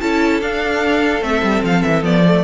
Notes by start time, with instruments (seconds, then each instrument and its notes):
0.00 cello C#4, viola E4, violin A4 A5
0.41 cello D4, viola D4, violin F5
1.21 cello A3, viola C4, violin E5
1.43 cello G3
1.63 cello F3, violin F5
1.82 cello E3, violin E5
2.02 cello F3, viola B3, violin D5
2.25 viola A3